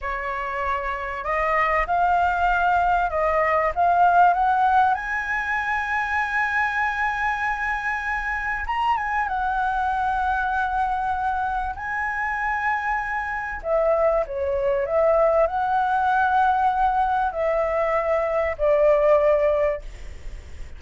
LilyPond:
\new Staff \with { instrumentName = "flute" } { \time 4/4 \tempo 4 = 97 cis''2 dis''4 f''4~ | f''4 dis''4 f''4 fis''4 | gis''1~ | gis''2 ais''8 gis''8 fis''4~ |
fis''2. gis''4~ | gis''2 e''4 cis''4 | e''4 fis''2. | e''2 d''2 | }